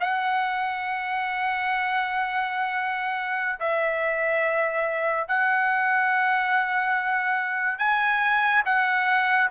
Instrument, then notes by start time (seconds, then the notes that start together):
trumpet
0.00 F#5
3.60 E5
5.27 F#5
7.78 G#5
8.65 F#5